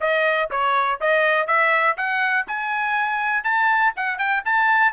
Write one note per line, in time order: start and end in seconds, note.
0.00 0.50 D#5
0.50 1.00 C#5
1.00 1.47 D#5
1.47 1.96 E5
1.97 2.46 F#5
2.47 3.43 G#5
3.43 3.93 A5
3.96 4.18 F#5
4.18 4.42 G5
4.45 4.92 A5